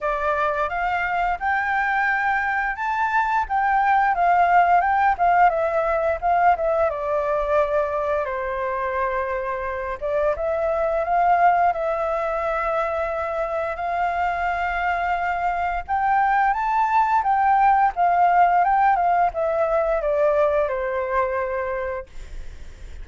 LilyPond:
\new Staff \with { instrumentName = "flute" } { \time 4/4 \tempo 4 = 87 d''4 f''4 g''2 | a''4 g''4 f''4 g''8 f''8 | e''4 f''8 e''8 d''2 | c''2~ c''8 d''8 e''4 |
f''4 e''2. | f''2. g''4 | a''4 g''4 f''4 g''8 f''8 | e''4 d''4 c''2 | }